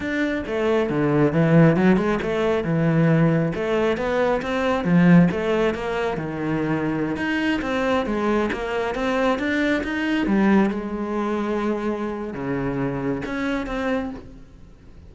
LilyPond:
\new Staff \with { instrumentName = "cello" } { \time 4/4 \tempo 4 = 136 d'4 a4 d4 e4 | fis8 gis8 a4 e2 | a4 b4 c'4 f4 | a4 ais4 dis2~ |
dis16 dis'4 c'4 gis4 ais8.~ | ais16 c'4 d'4 dis'4 g8.~ | g16 gis2.~ gis8. | cis2 cis'4 c'4 | }